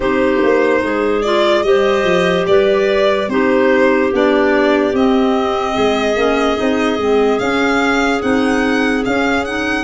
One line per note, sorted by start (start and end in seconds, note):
0.00 0.40 C4
0.00 1.23 D#4
0.00 0.80 G4
0.00 1.22 C5
0.43 0.83 A#3
0.83 1.63 G#3
0.83 1.65 G#4
1.22 1.64 F4
1.22 1.62 D5
1.62 2.03 G3
1.62 3.28 G4
1.62 2.48 C5
1.62 2.44 D#5
2.03 2.44 F3
2.47 3.28 G3
2.47 3.30 B4
2.47 3.29 D5
3.28 4.10 C4
3.28 4.11 D#4
3.28 5.73 G4
3.28 4.11 C5
4.11 4.93 B3
4.11 4.94 D4
4.11 4.95 D5
4.93 5.75 C4
4.93 6.16 C4
4.93 7.39 D#5
5.73 6.15 G#3
5.73 9.84 G#4
6.15 6.57 A#3
6.15 6.56 C#4
6.56 6.97 C4
6.56 6.97 D#4
6.97 7.38 G#3
6.97 7.40 C4
7.39 8.22 C#4
7.39 8.21 C#4
7.39 8.21 F5
8.21 9.05 C4
8.21 9.03 D#4
8.21 9.03 F#5
9.04 9.45 C#4
9.04 9.84 C#4
9.04 9.44 F5
9.44 9.84 D#4
9.44 9.84 F#5